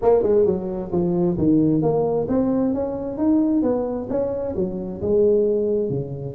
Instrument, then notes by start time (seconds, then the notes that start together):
tuba
0.01 A#3
0.23 G#3
0.45 F#3
0.92 F3
1.37 D#3
1.81 A#3
2.28 C4
2.74 C#4
3.17 D#4
3.62 B3
4.09 C#4
4.55 F#3
5.01 G#3
5.89 C#3